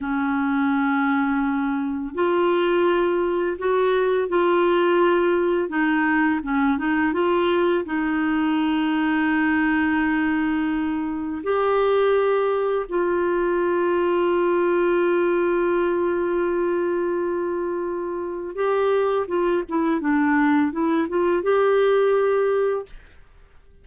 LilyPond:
\new Staff \with { instrumentName = "clarinet" } { \time 4/4 \tempo 4 = 84 cis'2. f'4~ | f'4 fis'4 f'2 | dis'4 cis'8 dis'8 f'4 dis'4~ | dis'1 |
g'2 f'2~ | f'1~ | f'2 g'4 f'8 e'8 | d'4 e'8 f'8 g'2 | }